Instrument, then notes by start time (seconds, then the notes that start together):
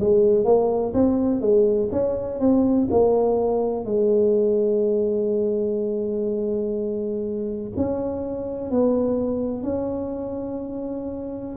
tuba
0.00 G#3
0.44 A#3
0.94 C4
1.41 G#3
1.92 C#4
2.40 C4
2.90 A#3
3.85 G#3
7.76 C#4
8.71 B3
9.63 C#4